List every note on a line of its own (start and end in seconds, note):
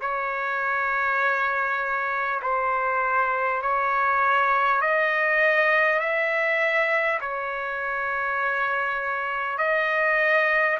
0.00 2.40 C#5
2.42 3.62 C5
3.62 4.81 C#5
4.81 5.99 D#5
5.99 7.19 E5
7.21 9.58 C#5
9.58 10.78 D#5